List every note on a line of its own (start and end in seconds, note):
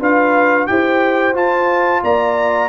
0.00 0.67 D4
0.00 0.68 F4
0.00 0.68 B4
0.00 0.67 F5
0.67 1.35 E4
0.67 1.35 G4
0.67 2.04 C5
0.67 1.34 G5
1.35 2.02 F4
1.35 2.69 F4
1.35 2.04 A5
2.04 2.69 A#3
2.04 2.69 D5
2.04 2.69 A#5